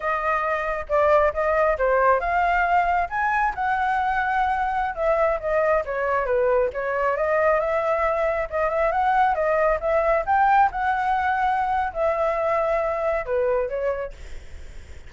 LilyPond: \new Staff \with { instrumentName = "flute" } { \time 4/4 \tempo 4 = 136 dis''2 d''4 dis''4 | c''4 f''2 gis''4 | fis''2.~ fis''16 e''8.~ | e''16 dis''4 cis''4 b'4 cis''8.~ |
cis''16 dis''4 e''2 dis''8 e''16~ | e''16 fis''4 dis''4 e''4 g''8.~ | g''16 fis''2~ fis''8. e''4~ | e''2 b'4 cis''4 | }